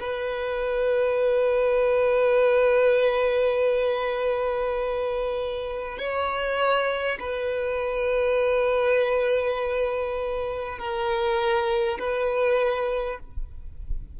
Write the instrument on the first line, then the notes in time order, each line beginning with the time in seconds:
violin
0.00 B4
5.98 C#5
7.19 B4
10.78 A#4
11.99 B4